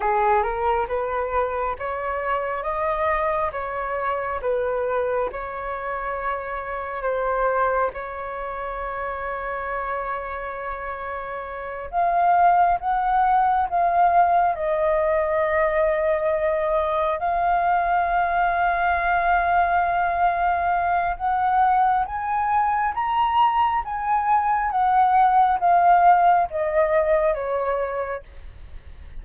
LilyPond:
\new Staff \with { instrumentName = "flute" } { \time 4/4 \tempo 4 = 68 gis'8 ais'8 b'4 cis''4 dis''4 | cis''4 b'4 cis''2 | c''4 cis''2.~ | cis''4. f''4 fis''4 f''8~ |
f''8 dis''2. f''8~ | f''1 | fis''4 gis''4 ais''4 gis''4 | fis''4 f''4 dis''4 cis''4 | }